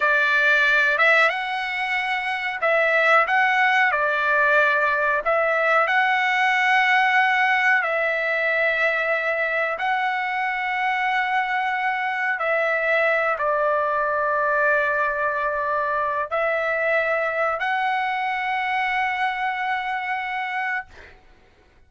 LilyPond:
\new Staff \with { instrumentName = "trumpet" } { \time 4/4 \tempo 4 = 92 d''4. e''8 fis''2 | e''4 fis''4 d''2 | e''4 fis''2. | e''2. fis''4~ |
fis''2. e''4~ | e''8 d''2.~ d''8~ | d''4 e''2 fis''4~ | fis''1 | }